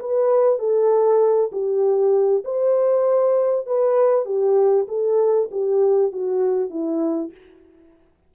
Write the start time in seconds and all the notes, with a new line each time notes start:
0.00 B4
0.59 A4
1.52 G4
2.45 C5
3.67 B4
4.26 G4
4.88 A4
5.52 G4
6.13 F#4
6.70 E4